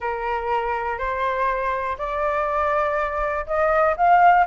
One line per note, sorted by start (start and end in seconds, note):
0.00 0.98 A#4
0.98 1.96 C5
1.98 3.45 D5
3.46 3.95 D#5
3.96 4.46 F5